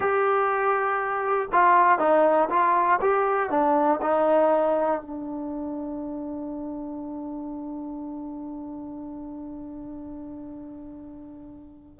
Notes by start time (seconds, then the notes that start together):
0.00 G4
1.52 F4
1.99 D#4
2.50 F4
3.00 G4
3.50 D4
4.01 D#4
5.00 D4